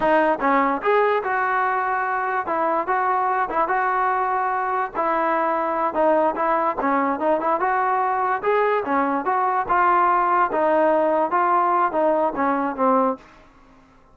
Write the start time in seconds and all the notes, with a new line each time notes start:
0.00 D#4
0.40 C#4
0.81 G#4
1.23 F#4
2.46 E4
2.87 F#4
3.49 E4
3.68 F#4
4.95 E4
5.93 D#4
6.35 E4
6.80 C#4
7.19 D#4
7.40 E4
7.60 F#4
8.42 G#4
8.85 C#4
9.25 F#4
9.68 F4
10.52 D#4
11.31 F4
11.92 D#4
12.35 C#4
12.75 C4